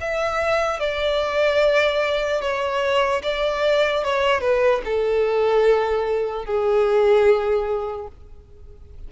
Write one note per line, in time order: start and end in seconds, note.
0.00 0.80 E5
0.80 2.41 D5
2.41 3.22 C#5
3.23 4.04 D5
4.04 4.41 C#5
4.41 4.81 B4
4.85 6.45 A4
6.45 8.07 G#4